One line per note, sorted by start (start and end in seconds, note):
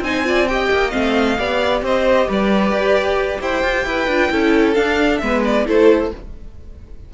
0.00 0.68 C4
0.00 0.24 D#4
0.00 0.26 C5
0.00 0.47 G#5
0.24 0.47 F4
0.24 0.50 D5
0.47 0.91 G4
0.47 1.39 D#5
0.47 0.91 G5
0.70 0.93 A#3
0.91 1.38 A3
0.91 1.36 C4
0.91 1.81 F5
1.37 1.82 B3
1.37 4.08 G4
1.37 1.83 D5
1.82 2.27 C4
1.82 2.27 C5
1.82 2.30 D#5
2.27 2.71 G3
2.27 3.40 B4
2.27 3.41 D5
2.71 3.39 G4
3.40 3.63 E4
3.40 3.85 C5
3.40 4.74 G5
3.63 3.85 F4
3.85 4.07 E4
3.85 4.32 B4
4.07 4.29 D4
4.07 4.31 F4
4.31 4.76 C#4
4.31 4.75 E4
4.31 5.22 A4
4.74 5.20 D4
4.74 5.21 D4
4.74 5.18 F5
5.18 5.66 G#3
5.18 5.66 B3
5.18 5.66 B4
5.18 5.40 E5
5.44 5.67 D5
5.66 6.11 A3
5.66 6.11 E4
5.66 6.11 A4
5.66 6.13 C5